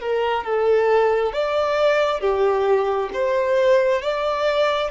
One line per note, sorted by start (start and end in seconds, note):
0.00 0.44 A#4
0.44 1.33 A4
1.33 2.20 D5
2.20 3.10 G4
3.13 4.02 C5
4.02 4.91 D5